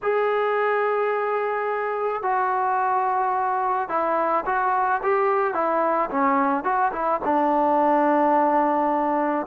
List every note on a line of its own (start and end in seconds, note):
0.02 2.22 G#4
2.22 3.88 F#4
3.88 4.44 E4
4.45 5.01 F#4
5.03 5.54 G4
5.54 6.09 E4
6.10 6.64 C#4
6.64 6.91 F#4
6.92 7.20 E4
7.24 9.46 D4